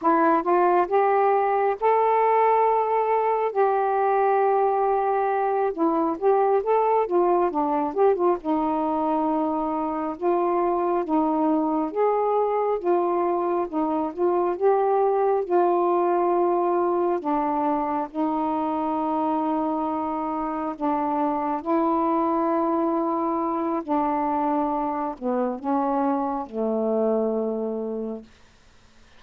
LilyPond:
\new Staff \with { instrumentName = "saxophone" } { \time 4/4 \tempo 4 = 68 e'8 f'8 g'4 a'2 | g'2~ g'8 e'8 g'8 a'8 | f'8 d'8 g'16 f'16 dis'2 f'8~ | f'8 dis'4 gis'4 f'4 dis'8 |
f'8 g'4 f'2 d'8~ | d'8 dis'2. d'8~ | d'8 e'2~ e'8 d'4~ | d'8 b8 cis'4 a2 | }